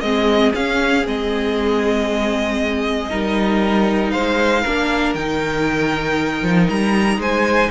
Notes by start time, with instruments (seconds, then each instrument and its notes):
0.00 cello G#3, viola C4, violin G#4 D#5
0.53 viola C#4, cello C#4, violin F5
1.05 cello G#3, viola C4, violin D#5
3.10 cello G3, viola D#4, violin A#4
4.11 cello G#3, violin C5 F5
4.62 cello A#3, viola D4, violin A#4
5.14 cello D#3, viola D#4, violin G5
6.42 cello F3
6.69 cello G3, violin A#5
7.18 cello G#3, violin C5 G#5